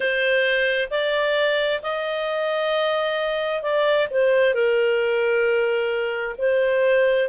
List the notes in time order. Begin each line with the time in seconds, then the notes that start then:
0.00 C5
0.90 D5
1.82 D#5
3.62 D5
4.10 C5
4.53 A#4
6.38 C5